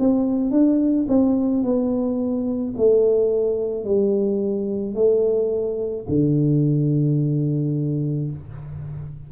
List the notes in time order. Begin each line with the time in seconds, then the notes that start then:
0.00 C4
0.51 D4
1.09 C4
1.64 B3
2.77 A3
3.84 G3
4.95 A3
6.09 D3